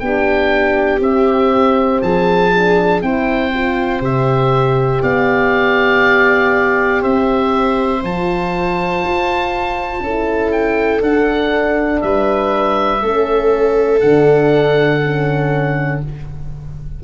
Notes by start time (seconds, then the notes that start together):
0.00 B3 D4 G4 G5
1.00 C4 E5
2.02 F3 G#4 A5
2.55 D4
3.02 C4 E4 C5 G5
3.54 F4
4.01 C3 G4 E5
5.03 B3 D5 F5
7.02 C4 C5 E5
8.03 F3 F4 A5
9.05 F4
10.01 C#4 E4 A4
10.53 G5
11.01 D4 F#5
12.02 G3 B4 E5
13.02 A3 C#4 A4
14.01 D3 D4 F#5
15.04 C#4